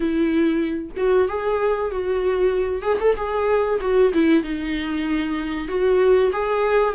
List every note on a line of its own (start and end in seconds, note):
0.00 0.90 E4
0.96 1.28 F#4
1.28 1.91 G#4
1.91 2.82 F#4
2.82 2.97 G#4
3.00 3.16 A4
3.16 3.79 G#4
3.80 4.12 F#4
4.13 4.43 E4
4.43 5.68 D#4
5.68 6.31 F#4
6.32 6.94 G#4